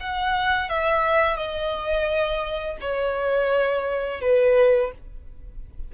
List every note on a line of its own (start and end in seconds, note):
0.00 0.69 F#5
0.69 1.36 E5
1.36 2.77 D#5
2.80 4.21 C#5
4.21 4.91 B4